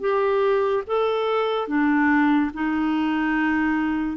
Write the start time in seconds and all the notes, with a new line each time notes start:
0.00 G4
0.87 A4
1.68 D4
2.54 D#4